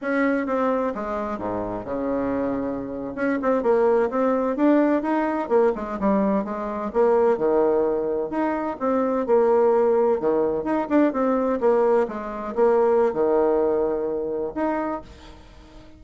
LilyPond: \new Staff \with { instrumentName = "bassoon" } { \time 4/4 \tempo 4 = 128 cis'4 c'4 gis4 gis,4 | cis2~ cis8. cis'8 c'8 ais16~ | ais8. c'4 d'4 dis'4 ais16~ | ais16 gis8 g4 gis4 ais4 dis16~ |
dis4.~ dis16 dis'4 c'4 ais16~ | ais4.~ ais16 dis4 dis'8 d'8 c'16~ | c'8. ais4 gis4 ais4~ ais16 | dis2. dis'4 | }